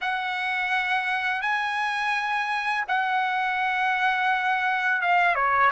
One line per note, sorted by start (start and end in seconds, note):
0.01 1.41 F#5
1.41 2.84 G#5
2.87 5.01 F#5
5.01 5.35 F5
5.35 5.70 C#5